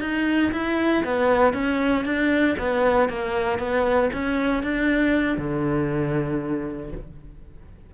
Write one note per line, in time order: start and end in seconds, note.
0.00 0.51 D#4
0.52 1.03 E4
1.04 1.53 B3
1.53 2.04 C#4
2.05 2.56 D4
2.58 3.09 B3
3.09 3.58 A#3
3.58 4.10 B3
4.13 4.63 C#4
4.63 5.38 D4
5.38 6.91 D3